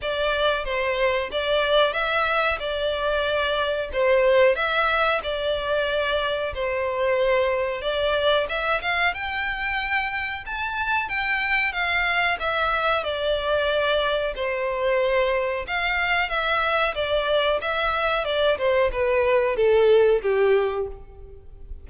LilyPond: \new Staff \with { instrumentName = "violin" } { \time 4/4 \tempo 4 = 92 d''4 c''4 d''4 e''4 | d''2 c''4 e''4 | d''2 c''2 | d''4 e''8 f''8 g''2 |
a''4 g''4 f''4 e''4 | d''2 c''2 | f''4 e''4 d''4 e''4 | d''8 c''8 b'4 a'4 g'4 | }